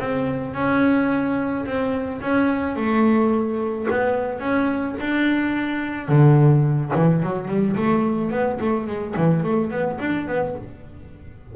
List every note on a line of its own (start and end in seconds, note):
0.00 0.54 C4
0.54 1.65 C#4
1.66 2.21 C4
2.21 2.77 C#4
2.77 3.88 A3
3.91 4.40 B3
4.40 4.95 C#4
5.01 6.09 D4
6.09 6.92 D3
6.95 7.23 E3
7.23 7.48 F#3
7.48 7.76 G3
7.77 8.31 A3
8.31 8.59 B3
8.61 8.87 A3
8.87 9.15 G#3
9.17 9.43 E3
9.43 9.71 A3
9.71 9.99 B3
10.00 10.28 D4
10.28 10.56 B3